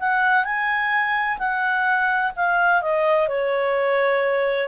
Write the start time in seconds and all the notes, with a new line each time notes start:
0.00 F#5
0.45 G#5
1.39 F#5
2.37 F5
2.82 D#5
3.29 C#5